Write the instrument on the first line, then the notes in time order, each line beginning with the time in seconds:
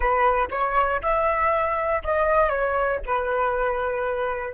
flute
0.00 B4
0.50 C#5
1.02 E5
2.03 D#5
2.49 C#5
3.05 B4